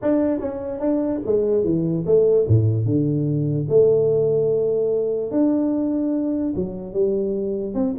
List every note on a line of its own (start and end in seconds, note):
0.02 0.40 D4
0.40 0.80 C#4
0.80 1.20 D4
1.25 1.63 G#3
1.63 2.04 E3
2.06 2.47 A3
2.47 2.85 A2
2.85 3.67 D3
3.69 5.31 A3
5.31 6.53 D4
6.55 6.93 F#3
6.93 7.74 G3
7.74 7.94 C4